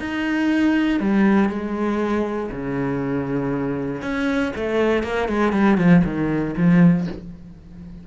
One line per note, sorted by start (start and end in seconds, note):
0.00 1.00 D#4
1.00 1.50 G3
1.50 2.50 G#3
2.51 4.02 C#3
4.02 4.53 C#4
4.56 5.03 A3
5.03 5.28 A#3
5.28 5.53 G#3
5.53 5.78 G3
5.78 6.03 F3
6.05 6.55 D#3
6.57 7.07 F3